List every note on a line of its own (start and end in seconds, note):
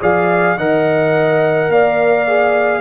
0.00 0.57 F3
0.00 0.58 G#4
0.00 0.57 D5
0.00 0.58 F5
0.57 1.69 D#3
0.57 2.27 A#4
0.57 1.71 D#5
0.57 1.71 F#5
1.69 2.81 A#3
1.69 2.81 D5
1.69 2.81 F5
2.27 2.81 G#4